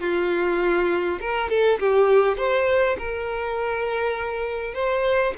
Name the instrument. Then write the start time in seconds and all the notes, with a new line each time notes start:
violin
0.00 F4
1.20 A#4
1.49 A4
1.79 G4
2.37 C5
2.98 A#4
4.74 C5